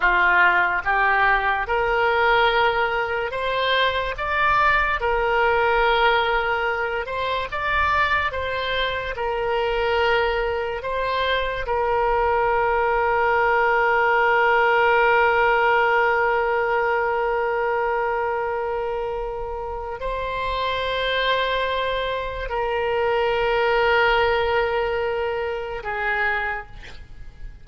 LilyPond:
\new Staff \with { instrumentName = "oboe" } { \time 4/4 \tempo 4 = 72 f'4 g'4 ais'2 | c''4 d''4 ais'2~ | ais'8 c''8 d''4 c''4 ais'4~ | ais'4 c''4 ais'2~ |
ais'1~ | ais'1 | c''2. ais'4~ | ais'2. gis'4 | }